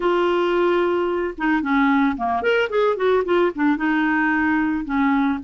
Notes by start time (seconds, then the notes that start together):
0.00 F4
1.37 D#4
1.62 C#4
2.16 A#3
2.42 A#4
2.69 G#4
2.96 F#4
3.24 F4
3.55 D4
3.76 D#4
4.85 C#4